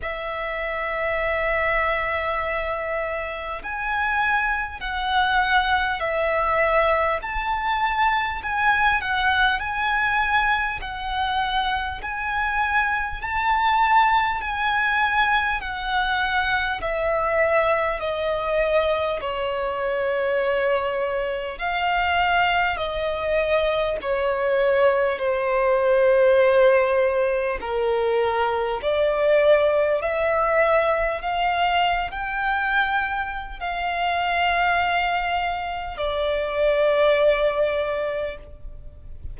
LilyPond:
\new Staff \with { instrumentName = "violin" } { \time 4/4 \tempo 4 = 50 e''2. gis''4 | fis''4 e''4 a''4 gis''8 fis''8 | gis''4 fis''4 gis''4 a''4 | gis''4 fis''4 e''4 dis''4 |
cis''2 f''4 dis''4 | cis''4 c''2 ais'4 | d''4 e''4 f''8. g''4~ g''16 | f''2 d''2 | }